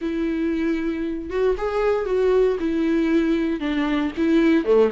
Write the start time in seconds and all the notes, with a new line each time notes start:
0.01 E4
1.30 F#4
1.57 G#4
2.05 F#4
2.59 E4
3.59 D4
4.17 E4
4.64 A3